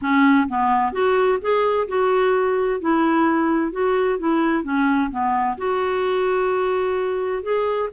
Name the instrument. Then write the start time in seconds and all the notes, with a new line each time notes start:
clarinet
0.01 C#4
0.48 B3
0.92 F#4
1.41 G#4
1.88 F#4
2.80 E4
3.72 F#4
4.19 E4
4.63 C#4
5.10 B3
5.57 F#4
7.42 G#4